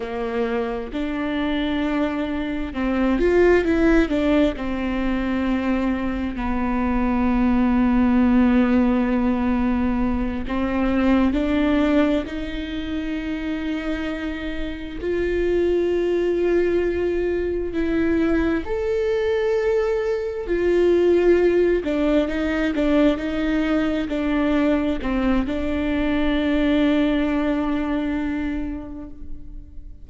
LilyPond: \new Staff \with { instrumentName = "viola" } { \time 4/4 \tempo 4 = 66 ais4 d'2 c'8 f'8 | e'8 d'8 c'2 b4~ | b2.~ b8 c'8~ | c'8 d'4 dis'2~ dis'8~ |
dis'8 f'2. e'8~ | e'8 a'2 f'4. | d'8 dis'8 d'8 dis'4 d'4 c'8 | d'1 | }